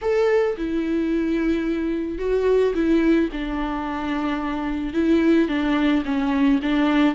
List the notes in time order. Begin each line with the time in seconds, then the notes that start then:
0.01 A4
0.57 E4
2.18 F#4
2.74 E4
3.32 D4
4.93 E4
5.48 D4
6.05 C#4
6.62 D4